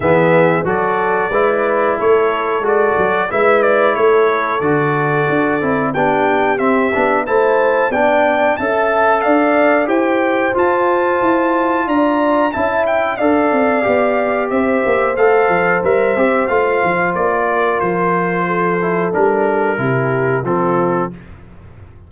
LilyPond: <<
  \new Staff \with { instrumentName = "trumpet" } { \time 4/4 \tempo 4 = 91 e''4 d''2 cis''4 | d''4 e''8 d''8 cis''4 d''4~ | d''4 g''4 e''4 a''4 | g''4 a''4 f''4 g''4 |
a''2 ais''4 a''8 g''8 | f''2 e''4 f''4 | e''4 f''4 d''4 c''4~ | c''4 ais'2 a'4 | }
  \new Staff \with { instrumentName = "horn" } { \time 4/4 gis'4 a'4 b'4 a'4~ | a'4 b'4 a'2~ | a'4 g'2 c''4 | d''4 e''4 d''4 c''4~ |
c''2 d''4 e''4 | d''2 c''2~ | c''2~ c''8 ais'4. | a'2 g'4 f'4 | }
  \new Staff \with { instrumentName = "trombone" } { \time 4/4 b4 fis'4 e'2 | fis'4 e'2 fis'4~ | fis'8 e'8 d'4 c'8 d'8 e'4 | d'4 a'2 g'4 |
f'2. e'4 | a'4 g'2 a'4 | ais'8 g'8 f'2.~ | f'8 e'8 d'4 e'4 c'4 | }
  \new Staff \with { instrumentName = "tuba" } { \time 4/4 e4 fis4 gis4 a4 | gis8 fis8 gis4 a4 d4 | d'8 c'8 b4 c'8 b8 a4 | b4 cis'4 d'4 e'4 |
f'4 e'4 d'4 cis'4 | d'8 c'8 b4 c'8 ais8 a8 f8 | g8 c'8 a8 f8 ais4 f4~ | f4 g4 c4 f4 | }
>>